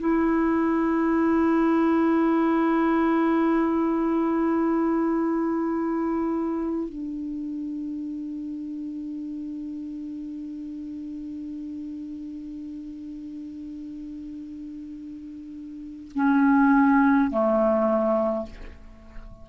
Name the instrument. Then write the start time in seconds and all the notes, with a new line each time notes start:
clarinet
0.00 E4
6.89 D4
16.15 C#4
17.31 A3